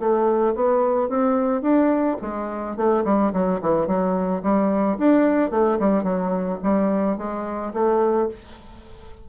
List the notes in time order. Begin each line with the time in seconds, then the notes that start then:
0.00 A3
0.56 B3
1.09 C4
1.62 D4
2.22 G#3
2.77 A3
3.05 G3
3.33 F#3
3.62 E3
3.88 F#3
4.43 G3
4.98 D4
5.51 A3
5.80 G3
6.04 F#3
6.63 G3
7.18 G#3
7.74 A3